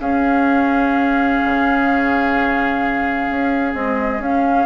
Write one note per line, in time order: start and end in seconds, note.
0.00 1.41 C#4
0.00 3.75 C#4
0.00 4.67 G#4
0.00 3.75 F5
1.45 3.30 C#3
3.30 3.74 C#4
3.74 4.21 G#3
3.74 4.19 C4
3.74 4.22 D#5
4.19 4.66 C#4
4.19 4.67 C#4
4.19 4.67 F5